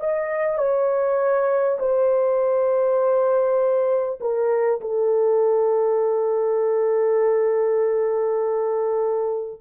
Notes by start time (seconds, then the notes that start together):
0.00 D#5
0.58 C#5
1.79 C5
4.21 A#4
4.81 A4